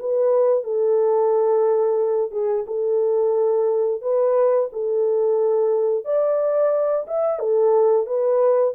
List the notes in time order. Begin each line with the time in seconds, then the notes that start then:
0.00 B4
0.64 A4
2.32 G#4
2.68 A4
4.02 B4
4.73 A4
6.05 D5
7.08 E5
7.40 A4
8.07 B4